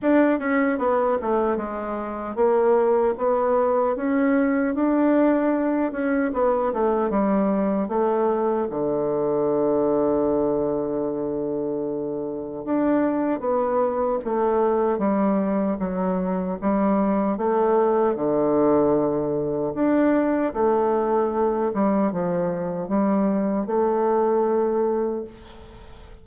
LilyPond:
\new Staff \with { instrumentName = "bassoon" } { \time 4/4 \tempo 4 = 76 d'8 cis'8 b8 a8 gis4 ais4 | b4 cis'4 d'4. cis'8 | b8 a8 g4 a4 d4~ | d1 |
d'4 b4 a4 g4 | fis4 g4 a4 d4~ | d4 d'4 a4. g8 | f4 g4 a2 | }